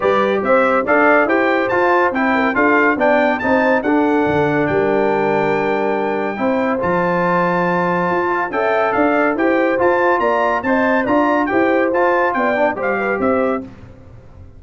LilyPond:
<<
  \new Staff \with { instrumentName = "trumpet" } { \time 4/4 \tempo 4 = 141 d''4 e''4 f''4 g''4 | a''4 g''4 f''4 g''4 | a''4 fis''2 g''4~ | g''1 |
a''1 | g''4 f''4 g''4 a''4 | ais''4 a''4 ais''4 g''4 | a''4 g''4 f''4 e''4 | }
  \new Staff \with { instrumentName = "horn" } { \time 4/4 b'4 c''4 d''4 c''4~ | c''4. ais'8 a'4 d''4 | c''4 a'2 ais'4~ | ais'2. c''4~ |
c''2.~ c''8 f''8 | e''4 d''4 c''2 | d''4 dis''4 d''4 c''4~ | c''4 d''4 c''8 b'8 c''4 | }
  \new Staff \with { instrumentName = "trombone" } { \time 4/4 g'2 a'4 g'4 | f'4 e'4 f'4 d'4 | dis'4 d'2.~ | d'2. e'4 |
f'1 | a'2 g'4 f'4~ | f'4 c''4 f'4 g'4 | f'4. d'8 g'2 | }
  \new Staff \with { instrumentName = "tuba" } { \time 4/4 g4 c'4 d'4 e'4 | f'4 c'4 d'4 b4 | c'4 d'4 d4 g4~ | g2. c'4 |
f2. f'4 | cis'4 d'4 e'4 f'4 | ais4 c'4 d'4 e'4 | f'4 b4 g4 c'4 | }
>>